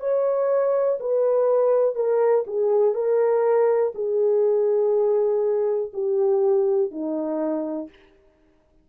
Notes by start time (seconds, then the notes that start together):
0.00 C#5
1.00 B4
1.95 A#4
2.47 G#4
2.94 A#4
3.95 G#4
5.93 G4
6.91 D#4